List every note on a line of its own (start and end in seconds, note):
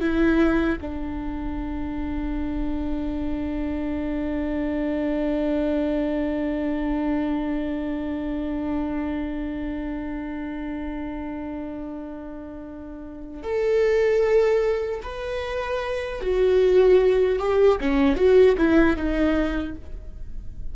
0.00 0.79 E4
0.81 13.43 D4
13.43 15.01 A4
15.03 16.21 B4
16.21 17.39 F#4
17.39 17.78 G4
17.81 18.16 C#4
18.16 18.55 F#4
18.57 18.97 E4
18.97 19.76 D#4